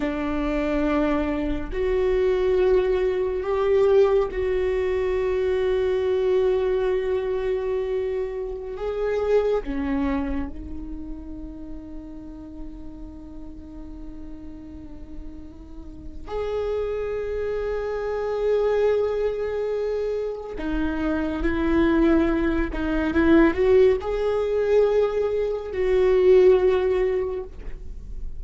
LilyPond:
\new Staff \with { instrumentName = "viola" } { \time 4/4 \tempo 4 = 70 d'2 fis'2 | g'4 fis'2.~ | fis'2~ fis'16 gis'4 cis'8.~ | cis'16 dis'2.~ dis'8.~ |
dis'2. gis'4~ | gis'1 | dis'4 e'4. dis'8 e'8 fis'8 | gis'2 fis'2 | }